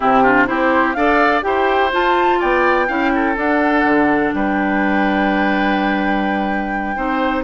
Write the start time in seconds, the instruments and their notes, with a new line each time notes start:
0.00 bassoon C3, clarinet C4, oboe E4, flute G4
0.22 clarinet D4, oboe F4
0.46 bassoon C4, clarinet E4, oboe G4, flute C5
0.93 bassoon D4, clarinet A4, oboe D5, flute F5
1.41 bassoon E4, clarinet G4, oboe C5, flute G5
1.91 clarinet F4, bassoon F4, flute A5
2.39 bassoon B3, oboe D5, flute G5
2.87 bassoon C#4, clarinet E4, oboe F5
3.14 oboe A4
3.36 clarinet D4, bassoon D4, flute F#5
3.84 bassoon D3
4.33 bassoon G3, oboe B4, flute G5
6.96 bassoon C4, clarinet D#4, oboe C5